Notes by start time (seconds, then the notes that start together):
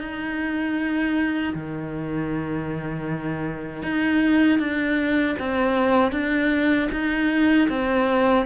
0.00 D#4
1.54 D#3
3.83 D#4
4.59 D4
5.39 C4
6.12 D4
6.92 D#4
7.69 C4